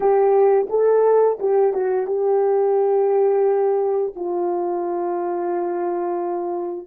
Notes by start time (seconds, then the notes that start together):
0.00 G4
0.69 A4
1.39 G4
1.73 F#4
2.06 G4
4.15 F4